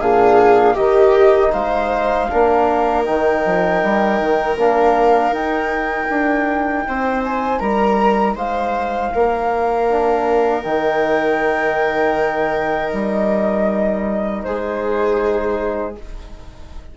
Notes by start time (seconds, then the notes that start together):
0.00 A#2 D4 G#4 F5
0.74 D#3 D#4 G4 D#5
1.53 G#3 C5 F5
2.30 A#3 D4 A#4
3.05 D#3 D#4 G5
3.45 F3
3.83 G3
4.20 D#3
4.57 A#3 D4 F5
5.31 D#4 G5
6.10 D4
6.87 C4 C5
7.24 G#5
7.59 G3 A#4 A#5
8.35 G#3 C5 F5
9.14 A#3 A#4
9.89 D4
10.63 D#3 D#4 G5
12.92 G3 D#5
14.43 G#3 G#4 C5